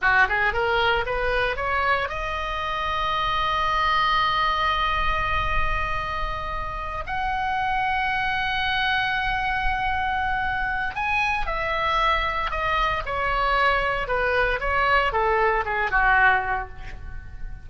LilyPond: \new Staff \with { instrumentName = "oboe" } { \time 4/4 \tempo 4 = 115 fis'8 gis'8 ais'4 b'4 cis''4 | dis''1~ | dis''1~ | dis''4. fis''2~ fis''8~ |
fis''1~ | fis''4 gis''4 e''2 | dis''4 cis''2 b'4 | cis''4 a'4 gis'8 fis'4. | }